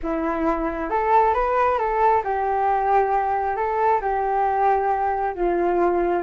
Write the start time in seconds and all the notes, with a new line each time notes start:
0.02 E4
0.89 A4
1.34 B4
1.78 A4
2.24 G4
3.56 A4
4.01 G4
5.35 F4